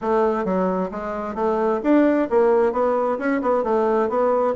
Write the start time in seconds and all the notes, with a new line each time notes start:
0.01 A3
0.44 F#3
0.91 G#3
1.34 A3
1.83 D4
2.30 A#3
2.72 B3
3.18 C#4
3.41 B3
3.63 A3
4.09 B3